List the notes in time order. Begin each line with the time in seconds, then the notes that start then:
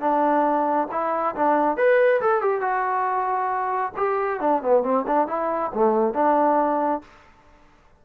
0.00 D4
0.91 E4
1.35 D4
1.77 B4
2.21 A4
2.41 G4
2.61 F#4
3.97 G4
4.40 D4
4.62 B3
4.83 C4
5.07 D4
5.27 E4
5.74 A3
6.14 D4